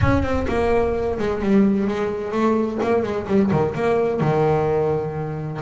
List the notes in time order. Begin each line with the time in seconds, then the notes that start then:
0.01 C#4
0.22 C4
0.48 A#3
1.18 G#3
1.41 G3
1.87 G#3
2.31 A3
2.82 A#3
3.02 G#3
3.27 G3
3.51 D#3
3.75 A#3
4.20 D#3